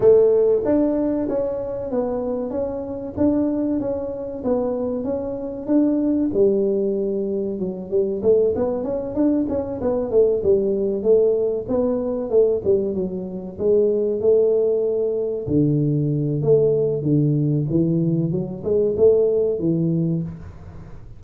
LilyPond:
\new Staff \with { instrumentName = "tuba" } { \time 4/4 \tempo 4 = 95 a4 d'4 cis'4 b4 | cis'4 d'4 cis'4 b4 | cis'4 d'4 g2 | fis8 g8 a8 b8 cis'8 d'8 cis'8 b8 |
a8 g4 a4 b4 a8 | g8 fis4 gis4 a4.~ | a8 d4. a4 d4 | e4 fis8 gis8 a4 e4 | }